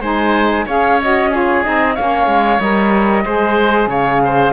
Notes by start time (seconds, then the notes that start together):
0.00 G#3 D#4 C5 G#5
0.65 C#4 G#4 C#5 F5
1.01 F#4 D#5
1.31 F4 G#4 C#5
1.63 C4 D#4 D#5
1.95 A#3 C#4 C#5 F5
2.26 G#3
2.60 G3 A#4 D#5
3.24 G#3 G#4 C5
3.87 C#3 C#5 F5
4.24 C5